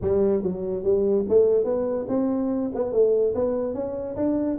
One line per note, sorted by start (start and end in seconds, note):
0.01 0.42 G3
0.42 0.83 F#3
0.83 1.25 G3
1.28 1.64 A3
1.64 2.05 B3
2.08 2.71 C4
2.74 2.92 B3
2.92 3.34 A3
3.34 3.73 B3
3.73 4.15 C#4
4.16 4.57 D4